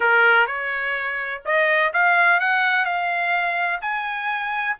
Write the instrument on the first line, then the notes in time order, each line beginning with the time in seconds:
trumpet
0.00 A#4
0.46 C#5
1.45 D#5
1.93 F5
2.39 F#5
2.85 F5
3.81 G#5